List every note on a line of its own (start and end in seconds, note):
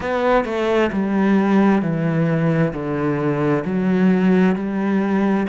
0.00 0.45 B3
0.45 0.90 A3
0.92 1.82 G3
1.82 2.73 E3
2.73 3.64 D3
3.64 4.55 F#3
4.55 5.46 G3